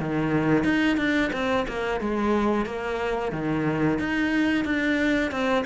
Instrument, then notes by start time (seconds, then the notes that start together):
cello
0.00 D#3
0.64 D#4
0.98 D4
1.33 C4
1.68 A#3
2.01 G#3
2.66 A#3
3.32 D#3
3.99 D#4
4.65 D4
5.32 C4